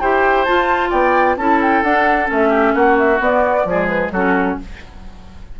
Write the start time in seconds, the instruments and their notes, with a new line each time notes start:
0.00 bassoon E4, clarinet G4, oboe C5, flute G5
0.44 clarinet F4, bassoon F4, flute A5
0.90 bassoon B3, oboe D5, flute G5
1.36 bassoon C#4, clarinet E4, oboe A4, flute A5
1.62 flute G5
1.83 bassoon D4, clarinet D4, flute F#5
2.26 bassoon A3, clarinet C#4
2.32 flute E5
2.49 oboe G4
2.74 bassoon A#3, oboe F#4, flute F#5
2.98 flute E5
3.19 bassoon B3, clarinet B3, flute D5
3.65 bassoon F3, clarinet G#3, oboe G#4
3.87 flute B4
4.11 bassoon F#3, clarinet C#4, oboe F#4, flute A4